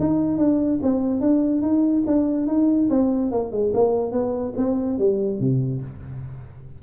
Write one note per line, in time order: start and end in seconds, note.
0.00 0.38 D#4
0.38 0.80 D4
0.83 1.21 C4
1.21 1.62 D4
1.62 2.04 D#4
2.07 2.47 D4
2.47 2.89 D#4
2.90 3.31 C4
3.31 3.52 A#3
3.52 3.73 G#3
3.74 4.12 A#3
4.12 4.54 B3
4.57 4.99 C4
4.99 5.40 G3
5.40 5.82 C3